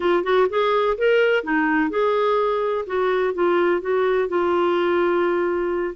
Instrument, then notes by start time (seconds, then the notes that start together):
clarinet
0.00 F4
0.23 F#4
0.49 G#4
0.97 A#4
1.43 D#4
1.89 G#4
2.86 F#4
3.34 F4
3.81 F#4
4.28 F4